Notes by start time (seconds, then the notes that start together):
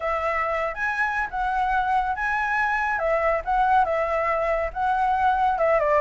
0.00 E5
0.74 G#5
1.30 F#5
2.15 G#5
2.98 E5
3.44 F#5
3.84 E5
4.73 F#5
5.58 E5
5.79 D5